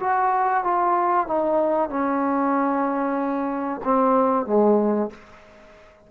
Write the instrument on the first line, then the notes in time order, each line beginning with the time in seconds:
trombone
0.00 F#4
0.64 F4
1.27 D#4
1.89 C#4
3.84 C4
4.46 G#3